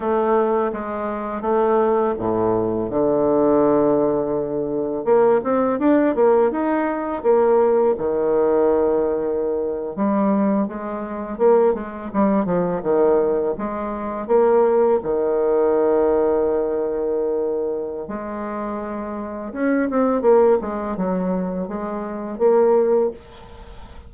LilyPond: \new Staff \with { instrumentName = "bassoon" } { \time 4/4 \tempo 4 = 83 a4 gis4 a4 a,4 | d2. ais8 c'8 | d'8 ais8 dis'4 ais4 dis4~ | dis4.~ dis16 g4 gis4 ais16~ |
ais16 gis8 g8 f8 dis4 gis4 ais16~ | ais8. dis2.~ dis16~ | dis4 gis2 cis'8 c'8 | ais8 gis8 fis4 gis4 ais4 | }